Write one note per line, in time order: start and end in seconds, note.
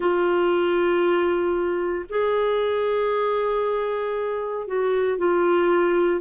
0.00 2.05 F4
2.09 4.67 G#4
4.67 5.18 F#4
5.18 6.20 F4